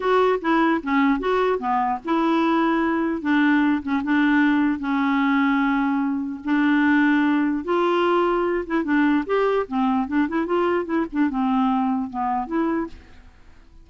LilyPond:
\new Staff \with { instrumentName = "clarinet" } { \time 4/4 \tempo 4 = 149 fis'4 e'4 cis'4 fis'4 | b4 e'2. | d'4. cis'8 d'2 | cis'1 |
d'2. f'4~ | f'4. e'8 d'4 g'4 | c'4 d'8 e'8 f'4 e'8 d'8 | c'2 b4 e'4 | }